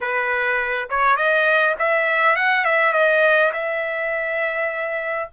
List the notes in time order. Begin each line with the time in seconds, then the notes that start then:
0.00 B4
0.89 C#5
1.16 D#5
1.78 E5
2.35 F#5
2.64 E5
2.92 D#5
3.53 E5